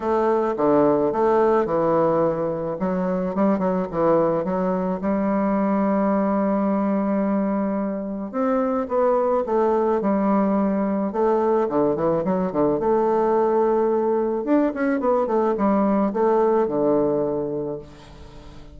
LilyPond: \new Staff \with { instrumentName = "bassoon" } { \time 4/4 \tempo 4 = 108 a4 d4 a4 e4~ | e4 fis4 g8 fis8 e4 | fis4 g2.~ | g2. c'4 |
b4 a4 g2 | a4 d8 e8 fis8 d8 a4~ | a2 d'8 cis'8 b8 a8 | g4 a4 d2 | }